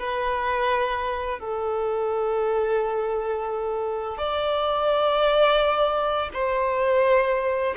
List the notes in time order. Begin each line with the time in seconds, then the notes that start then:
0.00 B4
1.40 A4
4.18 D5
6.34 C5